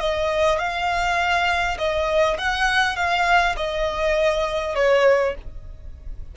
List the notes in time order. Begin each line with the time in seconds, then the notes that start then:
0.00 D#5
0.58 F5
1.78 D#5
2.38 F#5
2.96 F5
3.56 D#5
4.75 C#5